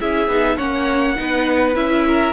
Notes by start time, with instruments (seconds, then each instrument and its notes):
0.00 cello C#4, viola E4, violin G#4 E5
0.28 cello B3, viola D#4
0.56 cello A#3, viola C#4, violin C#5 F#5
1.16 cello B3, viola D#4, violin B4
1.75 cello C#4, viola E4, violin E5
2.07 violin A#4